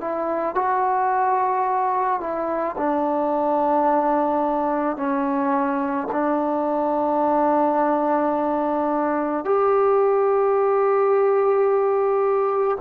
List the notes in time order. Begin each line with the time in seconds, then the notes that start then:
0.00 E4
0.55 F#4
2.20 E4
2.77 D4
4.96 C#4
6.11 D4
9.44 G4